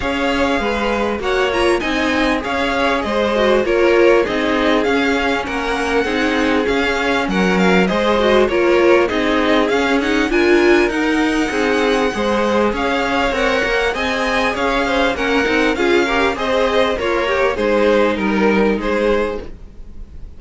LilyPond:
<<
  \new Staff \with { instrumentName = "violin" } { \time 4/4 \tempo 4 = 99 f''2 fis''8 ais''8 gis''4 | f''4 dis''4 cis''4 dis''4 | f''4 fis''2 f''4 | fis''8 f''8 dis''4 cis''4 dis''4 |
f''8 fis''8 gis''4 fis''2~ | fis''4 f''4 fis''4 gis''4 | f''4 fis''4 f''4 dis''4 | cis''4 c''4 ais'4 c''4 | }
  \new Staff \with { instrumentName = "violin" } { \time 4/4 cis''4 b'4 cis''4 dis''4 | cis''4 c''4 ais'4 gis'4~ | gis'4 ais'4 gis'2 | ais'4 c''4 ais'4 gis'4~ |
gis'4 ais'2 gis'4 | c''4 cis''2 dis''4 | cis''8 c''8 ais'4 gis'8 ais'8 c''4 | f'8 g'8 gis'4 ais'4 gis'4 | }
  \new Staff \with { instrumentName = "viola" } { \time 4/4 gis'2 fis'8 f'8 dis'4 | gis'4. fis'8 f'4 dis'4 | cis'2 dis'4 cis'4~ | cis'4 gis'8 fis'8 f'4 dis'4 |
cis'8 dis'8 f'4 dis'2 | gis'2 ais'4 gis'4~ | gis'4 cis'8 dis'8 f'8 g'8 gis'4 | ais'4 dis'2. | }
  \new Staff \with { instrumentName = "cello" } { \time 4/4 cis'4 gis4 ais4 c'4 | cis'4 gis4 ais4 c'4 | cis'4 ais4 c'4 cis'4 | fis4 gis4 ais4 c'4 |
cis'4 d'4 dis'4 c'4 | gis4 cis'4 c'8 ais8 c'4 | cis'4 ais8 c'8 cis'4 c'4 | ais4 gis4 g4 gis4 | }
>>